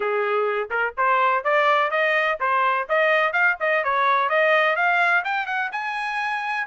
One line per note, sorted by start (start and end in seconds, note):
0.00 0.69 G#4
0.70 0.94 A#4
0.97 1.44 C5
1.44 1.90 D5
1.90 2.38 D#5
2.40 2.87 C5
2.89 3.32 D#5
3.32 3.56 F5
3.60 3.84 D#5
3.84 4.29 C#5
4.29 4.76 D#5
4.76 5.23 F5
5.24 5.46 G5
5.46 5.70 F#5
5.72 6.66 G#5